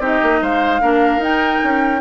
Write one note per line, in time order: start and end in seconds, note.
0.00 0.20 C4
0.00 0.81 D#4
0.00 0.40 G4
0.00 0.43 D#5
0.23 0.41 A#3
0.41 0.81 G#3
0.41 0.81 C5
0.41 1.23 F5
0.81 1.17 A#3
0.81 1.21 D4
0.81 2.01 A#4
1.17 1.57 D#4
1.17 2.01 D#4
1.23 2.01 G5
1.64 2.01 C#4